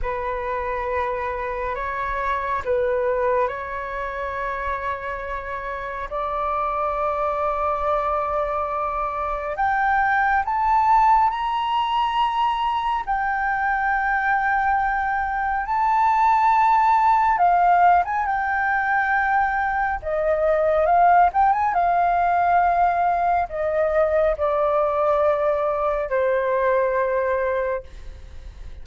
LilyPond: \new Staff \with { instrumentName = "flute" } { \time 4/4 \tempo 4 = 69 b'2 cis''4 b'4 | cis''2. d''4~ | d''2. g''4 | a''4 ais''2 g''4~ |
g''2 a''2 | f''8. gis''16 g''2 dis''4 | f''8 g''16 gis''16 f''2 dis''4 | d''2 c''2 | }